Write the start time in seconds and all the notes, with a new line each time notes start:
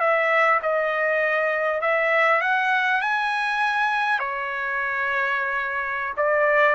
0.00 E5
0.62 D#5
1.81 E5
2.41 F#5
3.01 G#5
4.19 C#5
6.17 D5